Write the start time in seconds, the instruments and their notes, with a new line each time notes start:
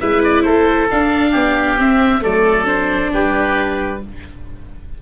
0.00 tuba G#3, viola E4, oboe B4 E5
0.24 oboe D5
0.43 tuba A3, oboe A4 C5
0.90 viola D4, tuba D4, oboe F5
1.31 tuba B3, oboe G4
1.77 viola C4, tuba C4, oboe E5
2.21 tuba F#3, viola A3, oboe A4 D5
2.65 viola D4, oboe C5
3.13 tuba G3, oboe G4 B4